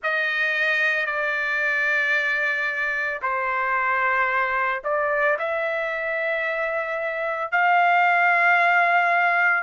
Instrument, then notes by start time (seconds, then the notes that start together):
trumpet
0.03 D#5
1.06 D5
3.21 C5
4.84 D5
5.39 E5
7.51 F5